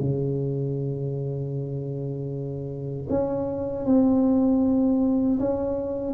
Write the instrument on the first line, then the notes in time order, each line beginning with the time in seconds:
tuba
0.00 C#3
3.10 C#4
3.85 C4
5.40 C#4